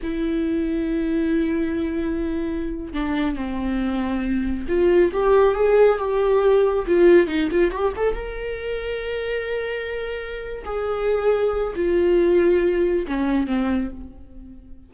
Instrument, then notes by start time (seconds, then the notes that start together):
viola
0.02 E4
2.93 D4
3.36 C4
4.68 F4
5.13 G4
5.55 G#4
5.98 G4
6.87 F4
7.27 D#4
7.51 F4
7.71 G4
7.96 A4
8.14 A#4
10.65 G#4
11.75 F4
13.07 C#4
13.46 C4